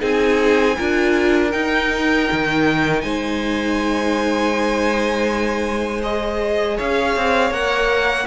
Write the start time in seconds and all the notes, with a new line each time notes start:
0.00 C4 D#4 G#4 G#5
0.78 D4 F4 A#4
1.52 D#4 G5
2.32 D#3
3.02 G#3 C5 G#5
6.03 G#4 D#5
6.77 C#4 C#5 F5
7.16 C4
7.51 A#3 A#4 F#5